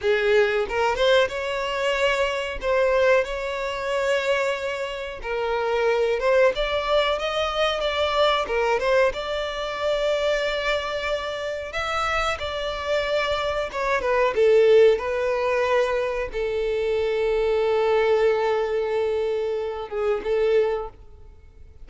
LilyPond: \new Staff \with { instrumentName = "violin" } { \time 4/4 \tempo 4 = 92 gis'4 ais'8 c''8 cis''2 | c''4 cis''2. | ais'4. c''8 d''4 dis''4 | d''4 ais'8 c''8 d''2~ |
d''2 e''4 d''4~ | d''4 cis''8 b'8 a'4 b'4~ | b'4 a'2.~ | a'2~ a'8 gis'8 a'4 | }